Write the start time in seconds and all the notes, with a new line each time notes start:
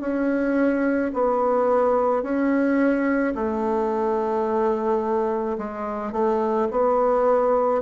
0.00 C#4
1.13 B3
2.22 C#4
3.34 A3
5.58 G#3
6.12 A3
6.71 B3